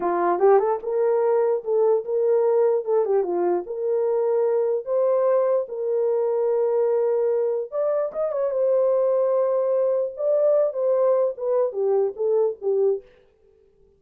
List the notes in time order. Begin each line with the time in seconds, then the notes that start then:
0.00 F4
0.39 G4
0.59 A4
0.82 A#4
1.63 A4
2.04 A#4
2.85 A4
3.05 G4
3.23 F4
3.66 A#4
4.85 C5
5.68 A#4
7.71 D5
8.12 D#5
8.31 C#5
8.50 C5
10.16 D5
10.73 C5
11.37 B4
11.72 G4
12.16 A4
12.61 G4